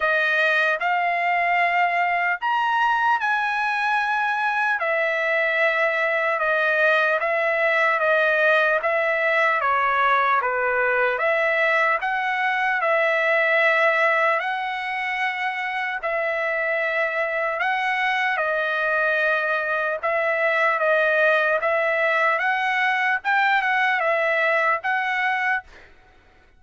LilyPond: \new Staff \with { instrumentName = "trumpet" } { \time 4/4 \tempo 4 = 75 dis''4 f''2 ais''4 | gis''2 e''2 | dis''4 e''4 dis''4 e''4 | cis''4 b'4 e''4 fis''4 |
e''2 fis''2 | e''2 fis''4 dis''4~ | dis''4 e''4 dis''4 e''4 | fis''4 g''8 fis''8 e''4 fis''4 | }